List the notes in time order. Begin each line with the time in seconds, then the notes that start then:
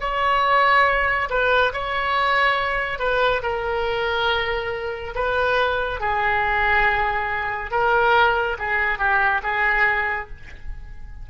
0.00 C#5
1.30 B4
1.73 C#5
2.99 B4
3.42 A#4
5.15 B4
6.00 G#4
7.71 A#4
8.58 G#4
8.98 G4
9.43 G#4